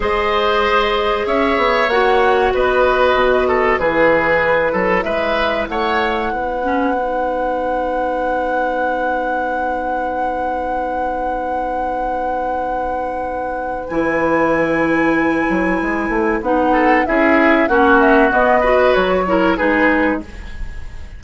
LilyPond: <<
  \new Staff \with { instrumentName = "flute" } { \time 4/4 \tempo 4 = 95 dis''2 e''4 fis''4 | dis''2 b'2 | e''4 fis''2.~ | fis''1~ |
fis''1~ | fis''2 gis''2~ | gis''2 fis''4 e''4 | fis''8 e''8 dis''4 cis''4 b'4 | }
  \new Staff \with { instrumentName = "oboe" } { \time 4/4 c''2 cis''2 | b'4. a'8 gis'4. a'8 | b'4 cis''4 b'2~ | b'1~ |
b'1~ | b'1~ | b'2~ b'8 a'8 gis'4 | fis'4. b'4 ais'8 gis'4 | }
  \new Staff \with { instrumentName = "clarinet" } { \time 4/4 gis'2. fis'4~ | fis'2 e'2~ | e'2~ e'8 cis'8 dis'4~ | dis'1~ |
dis'1~ | dis'2 e'2~ | e'2 dis'4 e'4 | cis'4 b8 fis'4 e'8 dis'4 | }
  \new Staff \with { instrumentName = "bassoon" } { \time 4/4 gis2 cis'8 b8 ais4 | b4 b,4 e4. fis8 | gis4 a4 b2~ | b1~ |
b1~ | b2 e2~ | e8 fis8 gis8 a8 b4 cis'4 | ais4 b4 fis4 gis4 | }
>>